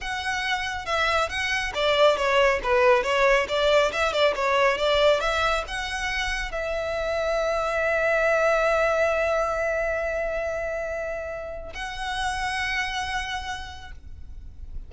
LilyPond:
\new Staff \with { instrumentName = "violin" } { \time 4/4 \tempo 4 = 138 fis''2 e''4 fis''4 | d''4 cis''4 b'4 cis''4 | d''4 e''8 d''8 cis''4 d''4 | e''4 fis''2 e''4~ |
e''1~ | e''1~ | e''2. fis''4~ | fis''1 | }